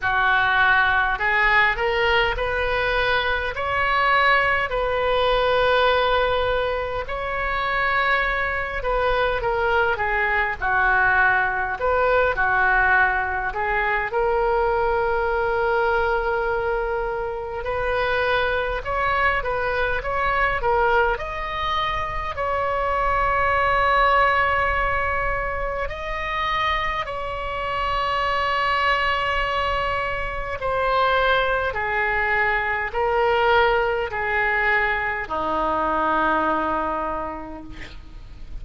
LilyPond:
\new Staff \with { instrumentName = "oboe" } { \time 4/4 \tempo 4 = 51 fis'4 gis'8 ais'8 b'4 cis''4 | b'2 cis''4. b'8 | ais'8 gis'8 fis'4 b'8 fis'4 gis'8 | ais'2. b'4 |
cis''8 b'8 cis''8 ais'8 dis''4 cis''4~ | cis''2 dis''4 cis''4~ | cis''2 c''4 gis'4 | ais'4 gis'4 dis'2 | }